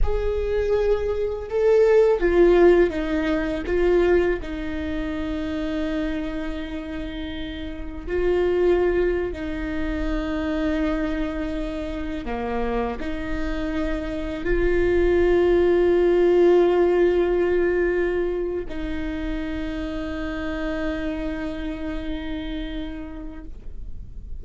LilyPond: \new Staff \with { instrumentName = "viola" } { \time 4/4 \tempo 4 = 82 gis'2 a'4 f'4 | dis'4 f'4 dis'2~ | dis'2. f'4~ | f'8. dis'2.~ dis'16~ |
dis'8. ais4 dis'2 f'16~ | f'1~ | f'4. dis'2~ dis'8~ | dis'1 | }